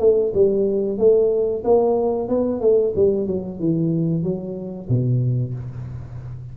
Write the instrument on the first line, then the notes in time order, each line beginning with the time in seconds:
tuba
0.00 A3
0.35 G3
0.98 A3
1.65 A#3
2.29 B3
2.61 A3
2.96 G3
3.27 F#3
3.60 E3
4.24 F#3
4.89 B2